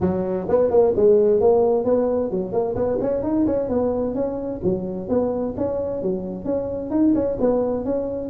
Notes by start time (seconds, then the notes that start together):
0.01 F#3
0.48 B3
0.70 A#3
0.96 G#3
1.40 A#3
1.84 B3
2.31 F#3
2.52 A#3
2.75 B3
3.01 C#4
3.22 D#4
3.46 C#4
3.68 B3
4.14 C#4
4.63 F#3
5.08 B3
5.57 C#4
6.02 F#3
6.44 C#4
6.90 D#4
7.14 C#4
7.40 B3
7.85 C#4